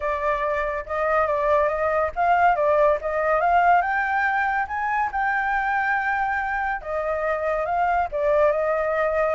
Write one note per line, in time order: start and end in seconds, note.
0.00 0.84 D5
0.85 1.26 D#5
1.26 1.68 D5
1.68 2.10 D#5
2.15 2.55 F5
2.55 2.98 D5
3.01 3.40 D#5
3.40 3.81 F5
3.81 4.66 G5
4.67 5.10 G#5
5.12 6.81 G5
6.81 7.65 D#5
7.65 8.08 F5
8.11 8.51 D5
8.51 9.34 D#5